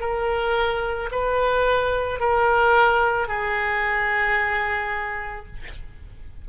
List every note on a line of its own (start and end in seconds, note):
0.00 1.09 A#4
1.11 2.20 B4
2.20 3.28 A#4
3.28 5.46 G#4